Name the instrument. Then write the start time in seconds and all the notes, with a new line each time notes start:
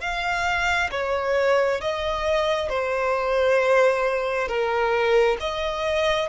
violin
0.00 F5
0.91 C#5
1.80 D#5
2.69 C5
4.47 A#4
5.40 D#5